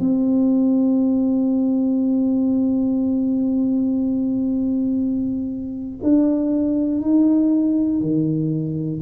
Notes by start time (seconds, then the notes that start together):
0.00 C4
6.03 D4
7.01 D#4
8.01 D#3